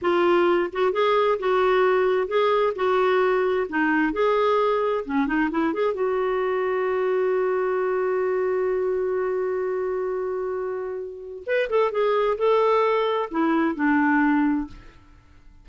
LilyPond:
\new Staff \with { instrumentName = "clarinet" } { \time 4/4 \tempo 4 = 131 f'4. fis'8 gis'4 fis'4~ | fis'4 gis'4 fis'2 | dis'4 gis'2 cis'8 dis'8 | e'8 gis'8 fis'2.~ |
fis'1~ | fis'1~ | fis'4 b'8 a'8 gis'4 a'4~ | a'4 e'4 d'2 | }